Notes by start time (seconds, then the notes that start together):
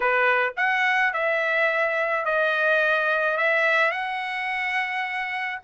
0.00 B4
0.57 F#5
1.13 E5
2.25 D#5
3.37 E5
3.91 F#5